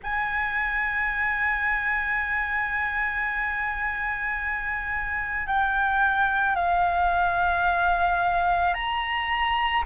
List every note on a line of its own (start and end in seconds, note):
0.03 5.46 G#5
5.46 6.55 G5
6.55 8.73 F5
8.74 9.83 A#5